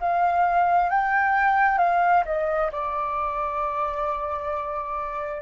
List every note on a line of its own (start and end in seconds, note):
0.00 0.90 F5
0.90 1.78 G5
1.78 2.24 F5
2.25 2.71 D#5
2.71 5.42 D5